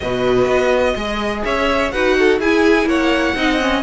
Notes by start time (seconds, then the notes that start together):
0.00 B2 F#4 B4 D#5
0.45 B3
0.93 G#3 G#4 D#5
1.44 C#4 C#5 E5
1.91 D#4 F#4 B4 F#5
2.18 A4
2.39 E4 G#4 G#5
2.85 A#3 C#5 F#5
3.34 C4 D#4 D#5
3.60 C#4